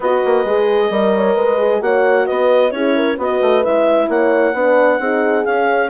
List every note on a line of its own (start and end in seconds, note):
0.00 0.21 B3
0.00 0.46 F#4
0.00 0.91 B4
0.00 1.82 D#5
0.25 0.44 A#3
0.44 0.90 G#3
0.44 0.91 G#4
0.90 1.35 G3
0.90 1.57 A#4
0.90 1.15 D#5
1.15 1.35 C#5
1.35 1.81 G#3
1.35 1.80 B4
1.57 1.80 G#4
1.80 2.26 A#3
1.80 2.71 F#4
1.80 2.25 C#5
1.80 2.26 F#5
2.25 2.72 B3
2.25 2.71 B4
2.25 2.71 D#5
2.71 3.17 C#4
2.71 3.16 E4
2.71 2.95 G#4
2.71 3.16 C#5
2.95 3.17 A#4
3.17 3.40 B3
3.17 3.63 F#4
3.17 4.08 B4
3.17 3.63 D#5
3.41 3.64 A3
3.63 4.08 G#3
3.63 4.54 E4
3.63 4.09 E5
4.08 4.53 A#3
4.08 4.54 C#5
4.08 5.44 F#5
4.53 4.99 B3
4.53 5.00 D4
4.53 5.00 B4
4.99 5.44 C4
4.99 5.45 D#4
4.99 5.89 G#4
5.44 5.89 C#4
5.44 5.89 F5